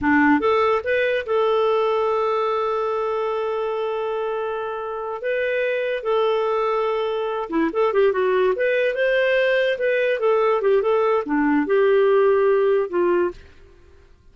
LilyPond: \new Staff \with { instrumentName = "clarinet" } { \time 4/4 \tempo 4 = 144 d'4 a'4 b'4 a'4~ | a'1~ | a'1~ | a'8 b'2 a'4.~ |
a'2 e'8 a'8 g'8 fis'8~ | fis'8 b'4 c''2 b'8~ | b'8 a'4 g'8 a'4 d'4 | g'2. f'4 | }